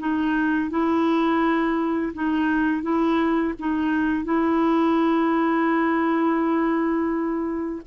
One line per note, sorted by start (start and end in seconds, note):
0.00 0.70 D#4
0.70 2.13 E4
2.14 2.83 D#4
2.83 3.54 E4
3.60 4.25 D#4
4.25 7.82 E4